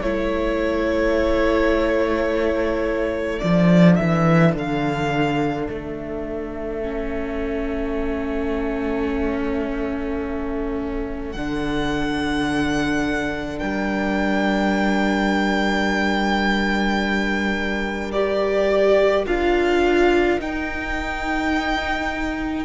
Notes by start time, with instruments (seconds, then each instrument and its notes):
0.00 cello A3, viola E4, violin A4 C#5
3.39 cello F3, viola D4, violin D5
3.96 cello E3, violin E5
4.55 cello D3, violin F5
5.69 cello A3, violin E5
6.83 viola C#4
11.33 cello D3, viola D4, violin F#5
13.59 cello G3, violin A#4 G5
18.12 viola G4, violin D5
19.27 cello D4, viola F4, violin F5
20.40 viola D#4, cello D#4, violin G5